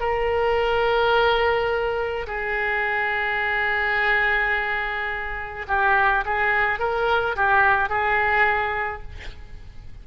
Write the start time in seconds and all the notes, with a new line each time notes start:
0.00 A#4
2.27 G#4
5.68 G4
6.25 G#4
6.79 A#4
7.36 G4
7.89 G#4